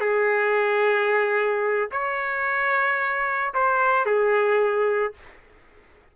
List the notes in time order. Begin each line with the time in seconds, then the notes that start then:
0.00 G#4
1.91 C#5
3.54 C5
4.05 G#4